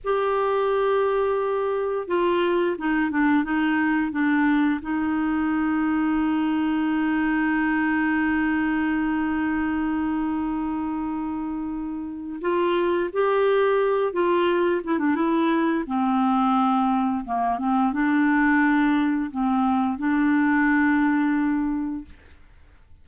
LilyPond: \new Staff \with { instrumentName = "clarinet" } { \time 4/4 \tempo 4 = 87 g'2. f'4 | dis'8 d'8 dis'4 d'4 dis'4~ | dis'1~ | dis'1~ |
dis'2 f'4 g'4~ | g'8 f'4 e'16 d'16 e'4 c'4~ | c'4 ais8 c'8 d'2 | c'4 d'2. | }